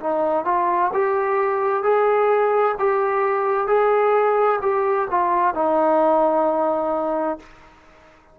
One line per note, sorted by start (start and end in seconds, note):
0.00 0.45 D#4
0.45 0.91 F4
0.94 1.83 G4
1.83 2.76 G#4
2.79 3.68 G4
3.68 4.60 G#4
4.62 5.08 G4
5.11 5.55 F4
5.55 7.39 D#4